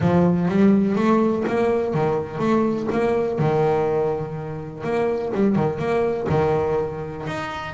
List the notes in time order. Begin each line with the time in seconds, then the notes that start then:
0.00 F3
0.48 G3
0.95 A3
1.47 A#3
1.94 D#3
2.38 A3
2.92 A#3
3.38 D#3
4.83 A#3
5.34 G3
5.55 D#3
5.78 A#3
6.29 D#3
7.26 D#4